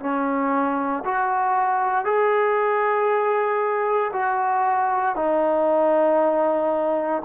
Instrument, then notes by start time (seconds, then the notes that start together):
trombone
0.00 C#4
1.05 F#4
2.05 G#4
4.13 F#4
5.15 D#4